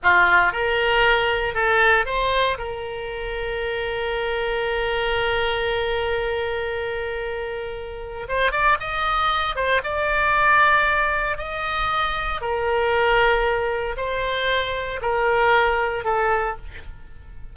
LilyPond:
\new Staff \with { instrumentName = "oboe" } { \time 4/4 \tempo 4 = 116 f'4 ais'2 a'4 | c''4 ais'2.~ | ais'1~ | ais'1 |
c''8 d''8 dis''4. c''8 d''4~ | d''2 dis''2 | ais'2. c''4~ | c''4 ais'2 a'4 | }